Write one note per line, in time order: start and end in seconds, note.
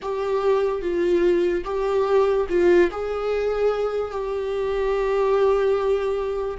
0.02 0.81 G4
0.81 1.64 F4
1.64 2.46 G4
2.49 2.90 F4
2.91 4.11 G#4
4.11 6.57 G4